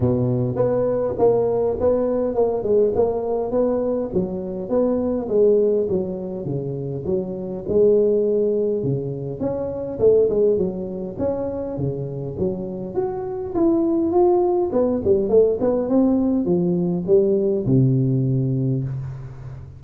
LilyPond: \new Staff \with { instrumentName = "tuba" } { \time 4/4 \tempo 4 = 102 b,4 b4 ais4 b4 | ais8 gis8 ais4 b4 fis4 | b4 gis4 fis4 cis4 | fis4 gis2 cis4 |
cis'4 a8 gis8 fis4 cis'4 | cis4 fis4 fis'4 e'4 | f'4 b8 g8 a8 b8 c'4 | f4 g4 c2 | }